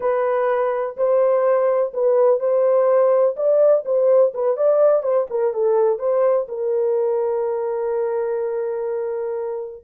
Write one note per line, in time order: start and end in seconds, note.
0.00 0.96 B4
0.96 1.92 C5
1.93 2.39 B4
2.39 3.35 C5
3.36 3.84 D5
3.85 4.33 C5
4.34 4.56 B4
4.56 5.02 D5
5.02 5.26 C5
5.29 5.53 A#4
5.53 5.98 A4
5.98 6.46 C5
6.48 9.84 A#4